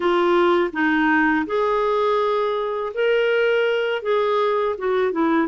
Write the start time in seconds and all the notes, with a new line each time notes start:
0.00 F4
0.73 D#4
1.46 G#4
2.94 A#4
4.02 G#4
4.78 F#4
5.12 E4